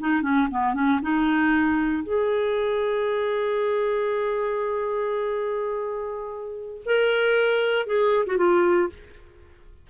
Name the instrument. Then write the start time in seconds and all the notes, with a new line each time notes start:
clarinet
0.00 D#4
0.22 C#4
0.51 B3
0.74 C#4
1.02 D#4
2.03 G#4
6.86 A#4
7.86 G#4
8.26 F#4
8.37 F4